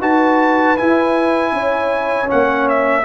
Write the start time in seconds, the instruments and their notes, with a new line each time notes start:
0.00 tuba D#4, trombone F#4, horn B4, trumpet A5
0.77 trombone E4, tuba E4, trumpet G#5
1.52 tuba C#4, horn C#5
2.26 tuba A#3, trombone C#4, trumpet F#5
2.68 trumpet E5